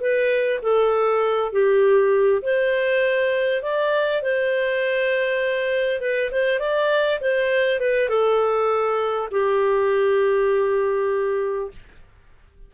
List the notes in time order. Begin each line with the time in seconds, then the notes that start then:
0.00 B4
0.62 A4
1.52 G4
2.42 C5
3.62 D5
4.22 C5
6.01 B4
6.31 C5
6.59 D5
7.20 C5
7.79 B4
8.09 A4
9.31 G4